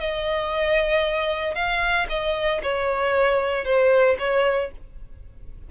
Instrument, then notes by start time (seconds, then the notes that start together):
violin
0.00 D#5
1.55 F5
2.09 D#5
2.63 C#5
3.65 C5
4.19 C#5